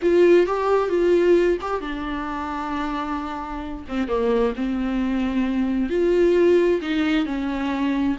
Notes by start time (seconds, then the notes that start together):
0.02 F4
0.46 G4
0.89 F4
1.61 G4
1.80 D4
3.88 C4
4.08 A#3
4.56 C4
5.89 F4
6.81 D#4
7.25 C#4